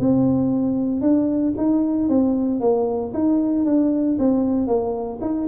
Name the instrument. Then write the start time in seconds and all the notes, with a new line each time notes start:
tuba
0.00 C4
1.02 D4
1.58 D#4
2.09 C4
2.61 A#3
3.14 D#4
3.66 D4
4.19 C4
4.67 A#3
5.22 D#4